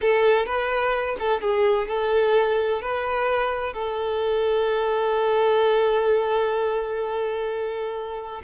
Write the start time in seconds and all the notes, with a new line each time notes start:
0.01 A4
0.46 B4
1.19 A4
1.41 G#4
1.88 A4
2.81 B4
3.73 A4